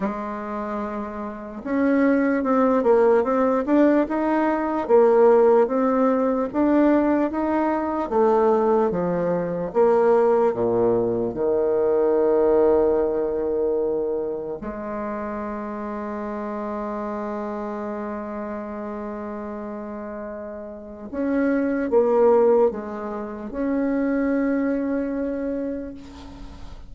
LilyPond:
\new Staff \with { instrumentName = "bassoon" } { \time 4/4 \tempo 4 = 74 gis2 cis'4 c'8 ais8 | c'8 d'8 dis'4 ais4 c'4 | d'4 dis'4 a4 f4 | ais4 ais,4 dis2~ |
dis2 gis2~ | gis1~ | gis2 cis'4 ais4 | gis4 cis'2. | }